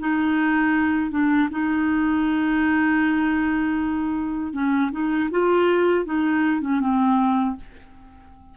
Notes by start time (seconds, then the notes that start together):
0.00 D#4
1.11 D4
1.51 D#4
4.53 C#4
4.92 D#4
5.31 F4
6.06 D#4
6.61 C#4
6.80 C4